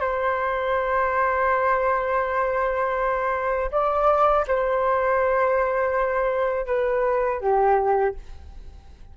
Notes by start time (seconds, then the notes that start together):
0.00 C5
3.71 D5
4.47 C5
6.66 B4
7.40 G4